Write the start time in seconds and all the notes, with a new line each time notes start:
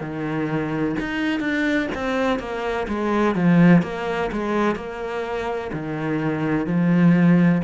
0.00 D#3
1.00 D#4
1.40 D4
1.95 C4
2.39 A#3
2.88 G#3
3.35 F3
3.83 A#3
4.32 G#3
4.75 A#3
5.73 D#3
6.66 F3